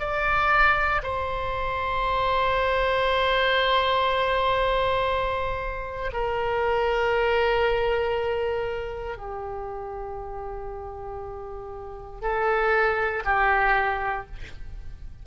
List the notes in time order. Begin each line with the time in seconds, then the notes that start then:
0.00 D5
1.03 C5
6.13 A#4
9.18 G4
12.22 A4
13.25 G4